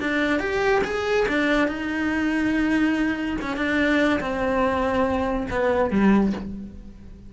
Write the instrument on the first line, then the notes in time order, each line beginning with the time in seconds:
cello
0.00 D4
0.39 G4
0.84 G#4
1.28 D4
1.68 D#4
3.41 C#4
3.56 D4
4.20 C4
5.51 B3
5.90 G3